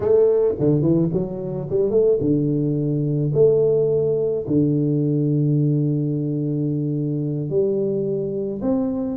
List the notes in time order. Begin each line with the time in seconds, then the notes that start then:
0.00 A3
0.59 D3
0.82 E3
1.12 F#3
1.69 G3
1.90 A3
2.20 D3
3.34 A3
4.47 D3
7.49 G3
8.61 C4